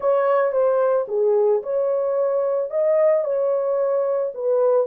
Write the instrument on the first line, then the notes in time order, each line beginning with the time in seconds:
horn
0.00 C#5
0.51 C5
1.08 G#4
1.62 C#5
2.70 D#5
3.24 C#5
4.34 B4